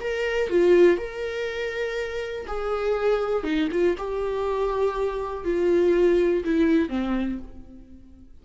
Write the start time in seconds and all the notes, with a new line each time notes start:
0.00 A#4
0.50 F4
0.97 A#4
2.47 G#4
3.43 D#4
3.71 F4
3.97 G4
5.44 F4
6.44 E4
6.89 C4